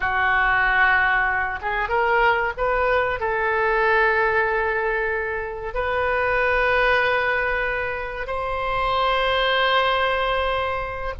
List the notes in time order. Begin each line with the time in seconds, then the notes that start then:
0.00 F#4
1.61 G#4
1.89 A#4
2.57 B4
3.19 A4
5.74 B4
8.27 C5